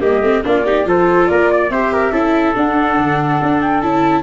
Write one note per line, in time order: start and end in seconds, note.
0.00 0.21 G3
0.00 0.21 A#3
0.00 0.43 G4
0.00 0.43 D#5
0.21 0.42 A3
0.21 0.44 C4
0.44 0.85 A#3
0.44 0.65 D4
0.44 0.66 F4
0.44 0.89 D5
0.66 0.84 D#4
0.66 0.87 G4
0.84 1.28 F3
0.84 1.69 F4
0.84 1.30 A4
0.84 1.26 C5
1.26 1.70 A#3
1.26 1.51 A#4
1.26 1.68 D5
1.51 1.72 D5
1.69 2.11 C4
1.69 2.13 G4
1.69 1.93 C5
1.69 2.54 E5
1.93 2.12 A#4
2.11 2.54 C#4
2.11 2.55 E4
2.11 4.23 A4
2.55 3.81 D4
2.55 2.97 D4
2.55 3.61 F#5
2.97 3.39 D3
3.42 3.82 D4
3.61 3.81 G5
3.81 4.23 C#4
3.81 4.23 E4
3.81 4.23 A5